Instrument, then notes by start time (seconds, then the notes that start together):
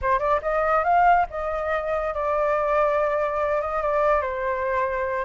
flute
0.01 C5
0.19 D5
0.41 D#5
0.84 F5
1.29 D#5
2.14 D5
3.61 D#5
3.81 D5
4.21 C5